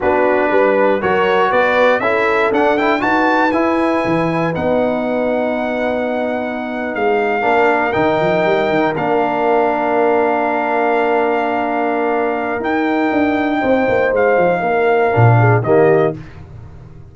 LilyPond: <<
  \new Staff \with { instrumentName = "trumpet" } { \time 4/4 \tempo 4 = 119 b'2 cis''4 d''4 | e''4 fis''8 g''8 a''4 gis''4~ | gis''4 fis''2.~ | fis''4.~ fis''16 f''2 g''16~ |
g''4.~ g''16 f''2~ f''16~ | f''1~ | f''4 g''2. | f''2. dis''4 | }
  \new Staff \with { instrumentName = "horn" } { \time 4/4 fis'4 b'4 ais'4 b'4 | a'2 b'2~ | b'1~ | b'2~ b'8. ais'4~ ais'16~ |
ais'1~ | ais'1~ | ais'2. c''4~ | c''4 ais'4. gis'8 g'4 | }
  \new Staff \with { instrumentName = "trombone" } { \time 4/4 d'2 fis'2 | e'4 d'8 e'8 fis'4 e'4~ | e'4 dis'2.~ | dis'2~ dis'8. d'4 dis'16~ |
dis'4.~ dis'16 d'2~ d'16~ | d'1~ | d'4 dis'2.~ | dis'2 d'4 ais4 | }
  \new Staff \with { instrumentName = "tuba" } { \time 4/4 b4 g4 fis4 b4 | cis'4 d'4 dis'4 e'4 | e4 b2.~ | b4.~ b16 gis4 ais4 dis16~ |
dis16 f8 g8 dis8 ais2~ ais16~ | ais1~ | ais4 dis'4 d'4 c'8 ais8 | gis8 f8 ais4 ais,4 dis4 | }
>>